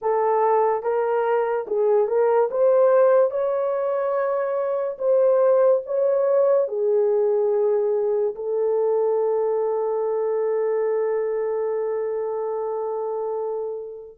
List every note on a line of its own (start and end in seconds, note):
0.01 0.83 A4
0.83 1.66 A#4
1.67 2.07 G#4
2.07 2.49 A#4
2.50 3.30 C5
3.30 4.97 C#5
4.98 5.81 C5
5.85 6.67 C#5
6.67 8.34 G#4
8.35 14.18 A4